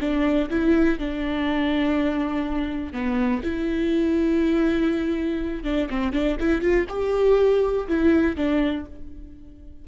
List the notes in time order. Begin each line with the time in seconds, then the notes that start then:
0.00 D4
0.50 E4
0.99 D4
2.93 B3
3.43 E4
5.64 D4
5.90 C4
6.13 D4
6.40 E4
6.61 F4
6.89 G4
7.88 E4
8.36 D4